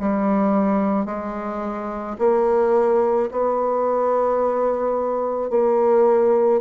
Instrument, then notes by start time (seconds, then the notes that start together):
bassoon
0.00 G3
1.06 G#3
2.18 A#3
3.31 B3
5.50 A#3